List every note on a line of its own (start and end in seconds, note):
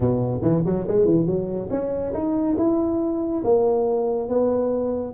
0.00 0.41 B2
0.41 0.63 E3
0.65 0.86 F#3
0.87 1.05 G#3
1.05 1.26 E3
1.26 1.69 F#3
1.70 2.13 C#4
2.13 2.56 D#4
2.57 3.43 E4
3.43 4.28 A#3
4.28 5.13 B3